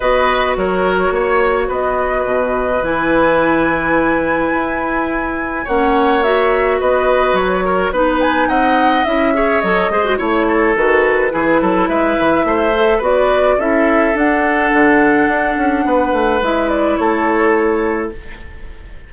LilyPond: <<
  \new Staff \with { instrumentName = "flute" } { \time 4/4 \tempo 4 = 106 dis''4 cis''2 dis''4~ | dis''4 gis''2.~ | gis''2 fis''4 e''4 | dis''4 cis''4 b'8 gis''8 fis''4 |
e''4 dis''4 cis''4 b'4~ | b'4 e''2 d''4 | e''4 fis''2.~ | fis''4 e''8 d''8 cis''2 | }
  \new Staff \with { instrumentName = "oboe" } { \time 4/4 b'4 ais'4 cis''4 b'4~ | b'1~ | b'2 cis''2 | b'4. ais'8 b'4 dis''4~ |
dis''8 cis''4 c''8 cis''8 a'4. | gis'8 a'8 b'4 c''4 b'4 | a'1 | b'2 a'2 | }
  \new Staff \with { instrumentName = "clarinet" } { \time 4/4 fis'1~ | fis'4 e'2.~ | e'2 cis'4 fis'4~ | fis'2 dis'2 |
e'8 gis'8 a'8 gis'16 fis'16 e'4 fis'4 | e'2~ e'8 a'8 fis'4 | e'4 d'2.~ | d'4 e'2. | }
  \new Staff \with { instrumentName = "bassoon" } { \time 4/4 b4 fis4 ais4 b4 | b,4 e2. | e'2 ais2 | b4 fis4 b4 c'4 |
cis'4 fis8 gis8 a4 dis4 | e8 fis8 gis8 e8 a4 b4 | cis'4 d'4 d4 d'8 cis'8 | b8 a8 gis4 a2 | }
>>